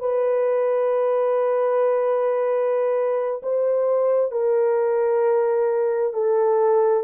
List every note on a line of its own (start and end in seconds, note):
0.00 3.41 B4
3.43 4.31 C5
4.31 6.13 A#4
6.14 7.03 A4